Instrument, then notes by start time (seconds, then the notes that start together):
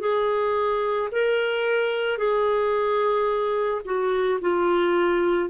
clarinet
0.00 G#4
1.12 A#4
2.18 G#4
3.85 F#4
4.41 F4